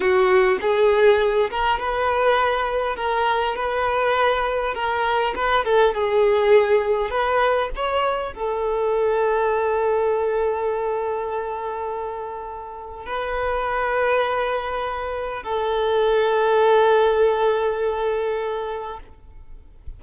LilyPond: \new Staff \with { instrumentName = "violin" } { \time 4/4 \tempo 4 = 101 fis'4 gis'4. ais'8 b'4~ | b'4 ais'4 b'2 | ais'4 b'8 a'8 gis'2 | b'4 cis''4 a'2~ |
a'1~ | a'2 b'2~ | b'2 a'2~ | a'1 | }